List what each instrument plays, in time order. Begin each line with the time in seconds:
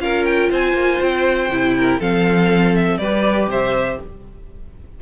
0.00 cello C#4, viola F4, violin A#4 F5
0.25 violin G5
0.51 cello C4, violin C5 G#5
0.74 cello A#3
1.02 cello C4, violin G5
1.50 cello C3, viola E4
1.78 violin A#4
2.00 cello F3, viola C4, violin A4 F5
2.76 violin E5
2.98 cello G3, viola G4, violin B4 D5
3.48 cello C3, violin C5 E5